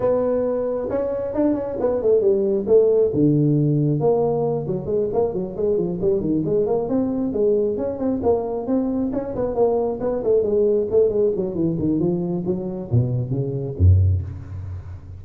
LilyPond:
\new Staff \with { instrumentName = "tuba" } { \time 4/4 \tempo 4 = 135 b2 cis'4 d'8 cis'8 | b8 a8 g4 a4 d4~ | d4 ais4. fis8 gis8 ais8 | fis8 gis8 f8 g8 dis8 gis8 ais8 c'8~ |
c'8 gis4 cis'8 c'8 ais4 c'8~ | c'8 cis'8 b8 ais4 b8 a8 gis8~ | gis8 a8 gis8 fis8 e8 dis8 f4 | fis4 b,4 cis4 fis,4 | }